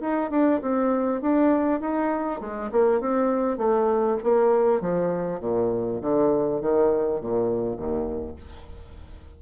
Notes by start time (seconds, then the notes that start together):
0.00 D#4
0.30 D4
0.61 C4
1.21 D4
1.80 D#4
2.40 G#3
2.71 A#3
3.00 C4
3.57 A3
4.23 A#3
4.80 F3
5.40 A#2
6.01 D3
6.61 D#3
7.20 A#2
7.76 D#2